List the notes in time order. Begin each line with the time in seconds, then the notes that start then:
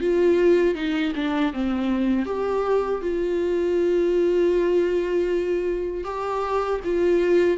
0.00 F4
0.75 D#4
1.15 D4
1.53 C4
2.25 G4
3.01 F4
6.04 G4
6.84 F4